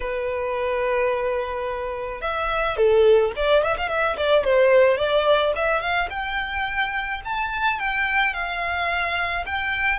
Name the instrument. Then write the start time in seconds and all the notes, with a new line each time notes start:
violin
0.00 B4
2.21 E5
2.77 A4
3.35 D5
3.63 E5
3.77 F5
3.88 E5
4.16 D5
4.43 C5
4.97 D5
5.55 E5
5.81 F5
6.10 G5
7.24 A5
7.79 G5
8.33 F5
9.46 G5